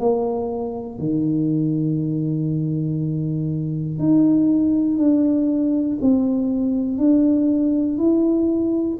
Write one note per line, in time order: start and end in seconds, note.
0.00 0.99 A#3
0.99 3.99 D#3
3.99 4.98 D#4
4.98 5.98 D4
6.01 6.98 C4
6.98 7.98 D4
7.99 8.99 E4